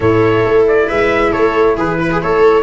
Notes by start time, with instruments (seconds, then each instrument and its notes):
0.00 tuba A2, cello E4, viola A4, trumpet C#5
0.44 tuba A3
0.68 trumpet D5
0.87 tuba G#3, viola B4, trumpet E5
1.31 tuba A3, viola A4, trumpet C#5
1.76 tuba E3, viola G#4, trumpet B4
2.00 viola B4
2.11 viola G#4
2.22 tuba A3, viola A4, trumpet C#5